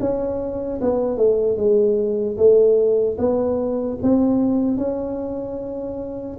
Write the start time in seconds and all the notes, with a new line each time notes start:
0.00 C#4
0.81 B3
1.17 A3
1.57 G#3
2.37 A3
3.18 B3
4.03 C4
4.77 C#4